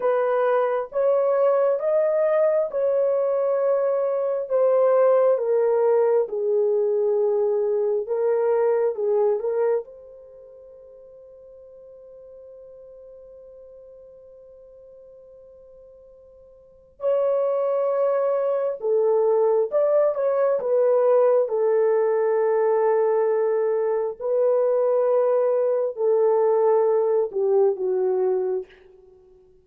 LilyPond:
\new Staff \with { instrumentName = "horn" } { \time 4/4 \tempo 4 = 67 b'4 cis''4 dis''4 cis''4~ | cis''4 c''4 ais'4 gis'4~ | gis'4 ais'4 gis'8 ais'8 c''4~ | c''1~ |
c''2. cis''4~ | cis''4 a'4 d''8 cis''8 b'4 | a'2. b'4~ | b'4 a'4. g'8 fis'4 | }